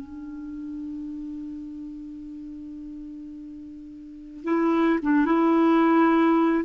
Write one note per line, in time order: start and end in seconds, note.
0.00 4.43 D4
4.43 4.99 E4
5.02 5.25 D4
5.25 6.64 E4